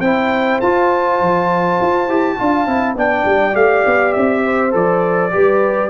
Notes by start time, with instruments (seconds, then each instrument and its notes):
0.00 tuba C4, trombone E4, horn C5, trumpet G5
0.60 tuba F4, trombone F4, trumpet A5
1.21 tuba F3
1.81 tuba F4
2.07 tuba E4, trombone G4
2.38 tuba D4, trombone F4, horn F5
2.66 tuba C4, trombone E4
2.95 tuba B3, trombone D4, horn D5, trumpet G5
3.25 tuba G3
3.53 tuba A3, trombone G4, trumpet F5
3.86 tuba B3
4.12 tuba C4, trumpet E5
4.44 horn C5
4.71 tuba F3, trombone A4, trumpet D5
5.31 tuba G3, trombone G4, horn B4